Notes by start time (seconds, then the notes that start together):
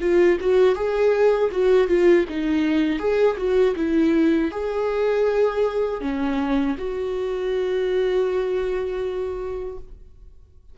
0.00 F4
0.40 F#4
0.75 G#4
1.51 F#4
1.87 F4
2.29 D#4
2.99 G#4
3.37 F#4
3.76 E4
4.51 G#4
6.01 C#4
6.78 F#4